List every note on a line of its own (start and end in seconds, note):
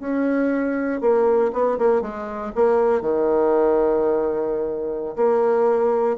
0.00 1.01 C#4
1.01 1.52 A#3
1.53 1.79 B3
1.79 2.02 A#3
2.02 2.52 G#3
2.56 3.02 A#3
3.02 5.16 D#3
5.16 6.17 A#3